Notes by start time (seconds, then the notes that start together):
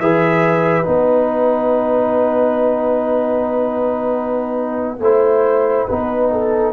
0.00 E3 G#4 B4 E5
0.85 B3 D#4 F#5
5.00 A3 E4 C5
5.88 B3 D#4 B4
6.32 A4